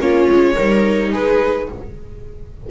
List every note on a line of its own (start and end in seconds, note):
0.00 0.29 A#3
0.00 0.56 C#4
0.00 0.55 F4
0.00 1.13 C#5
0.30 0.58 G#3
0.55 1.13 G3
0.55 1.71 D#4
0.55 1.11 A#4
1.13 1.69 G#3
1.13 1.69 G#4
1.13 1.70 B4